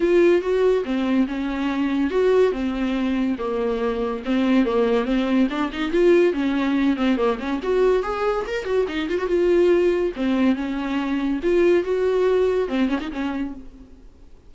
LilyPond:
\new Staff \with { instrumentName = "viola" } { \time 4/4 \tempo 4 = 142 f'4 fis'4 c'4 cis'4~ | cis'4 fis'4 c'2 | ais2 c'4 ais4 | c'4 d'8 dis'8 f'4 cis'4~ |
cis'8 c'8 ais8 cis'8 fis'4 gis'4 | ais'8 fis'8 dis'8 f'16 fis'16 f'2 | c'4 cis'2 f'4 | fis'2 c'8 cis'16 dis'16 cis'4 | }